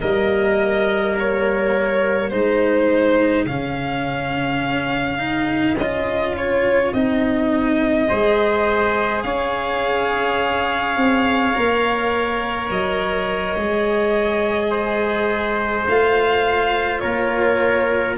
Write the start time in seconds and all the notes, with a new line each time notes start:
0.00 G3 A#3 A#4 D#5
1.19 C#5
2.30 G#3 D#4 G#4 C5
3.46 C#3 C#4 F5
5.19 D#4
5.76 C#4 D#5
5.82 F4
6.37 C#5
6.93 C4 D#4 D#5
8.08 G#3 G#4 C5
9.23 C#4 C#5 F5
10.97 C4
11.54 A#3 A#4
12.70 F#3 D#5
13.56 G#3 G#4
14.70 C5
15.87 A3 F4 F5
17.00 A#3 A#4 C#5